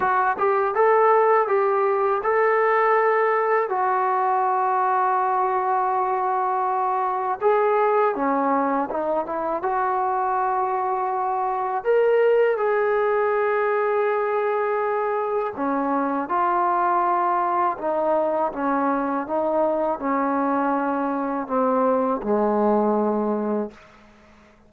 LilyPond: \new Staff \with { instrumentName = "trombone" } { \time 4/4 \tempo 4 = 81 fis'8 g'8 a'4 g'4 a'4~ | a'4 fis'2.~ | fis'2 gis'4 cis'4 | dis'8 e'8 fis'2. |
ais'4 gis'2.~ | gis'4 cis'4 f'2 | dis'4 cis'4 dis'4 cis'4~ | cis'4 c'4 gis2 | }